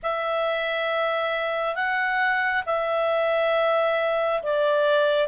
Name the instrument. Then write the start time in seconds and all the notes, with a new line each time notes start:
clarinet
0.02 E5
1.75 F#5
2.66 E5
4.42 D5